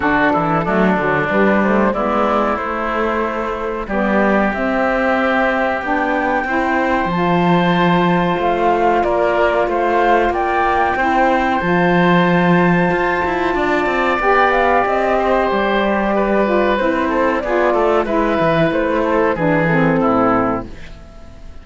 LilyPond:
<<
  \new Staff \with { instrumentName = "flute" } { \time 4/4 \tempo 4 = 93 a'2 b'8 c''8 d''4 | c''2 d''4 e''4~ | e''4 g''2 a''4~ | a''4 f''4 d''4 f''4 |
g''2 a''2~ | a''2 g''8 f''8 dis''4 | d''2 c''4 d''4 | e''4 c''4 b'8 a'4. | }
  \new Staff \with { instrumentName = "oboe" } { \time 4/4 fis'8 e'8 d'2 e'4~ | e'2 g'2~ | g'2 c''2~ | c''2 ais'4 c''4 |
d''4 c''2.~ | c''4 d''2~ d''8 c''8~ | c''4 b'4. a'8 gis'8 a'8 | b'4. a'8 gis'4 e'4 | }
  \new Staff \with { instrumentName = "saxophone" } { \time 4/4 d'4 a8 fis8 g8 a8 b4 | a2 b4 c'4~ | c'4 d'4 e'4 f'4~ | f'1~ |
f'4 e'4 f'2~ | f'2 g'2~ | g'4. f'8 e'4 f'4 | e'2 d'8 c'4. | }
  \new Staff \with { instrumentName = "cello" } { \time 4/4 d8 e8 fis8 d8 g4 gis4 | a2 g4 c'4~ | c'4 b4 c'4 f4~ | f4 a4 ais4 a4 |
ais4 c'4 f2 | f'8 e'8 d'8 c'8 b4 c'4 | g2 c'4 b8 a8 | gis8 e8 a4 e4 a,4 | }
>>